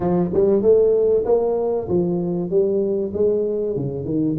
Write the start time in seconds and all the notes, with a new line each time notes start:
0.00 F3
0.33 G3
0.62 A3
1.25 A#3
1.88 F3
2.49 G3
3.13 G#3
3.76 C#3
4.05 D#3